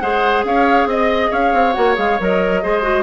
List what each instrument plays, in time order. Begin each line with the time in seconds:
0.00 bassoon G#3, clarinet G#4, oboe C5, flute F#5
0.44 bassoon C#4, oboe C#5, flute F5
0.86 bassoon C4, oboe D#5, flute D#5
1.31 bassoon C#4, oboe C#5, flute F5
1.54 bassoon C4
1.73 bassoon A#3, clarinet F#4, flute F#5
1.95 bassoon G#3, clarinet G#4, flute F5
2.20 bassoon F#3, clarinet A#4, flute D#5
2.63 bassoon G#3, clarinet G#4, oboe C5
2.83 clarinet F#4